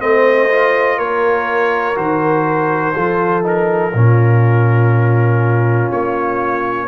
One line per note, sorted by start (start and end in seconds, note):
0.00 0.99 A3
0.00 0.49 C4
0.00 0.98 C5
0.00 0.99 D#5
0.50 1.95 F4
0.98 1.97 A#3
0.98 2.95 A#4
0.98 1.97 C#5
1.95 2.95 D#3
1.95 2.93 F#4
1.95 3.45 C5
2.95 3.94 F3
2.95 3.43 F4
2.95 3.93 A4
3.43 3.92 D#4
3.43 5.92 A#4
3.94 5.91 A#2
3.94 6.88 C#4
3.94 6.88 F4
5.92 6.88 A#3
5.92 6.88 C#5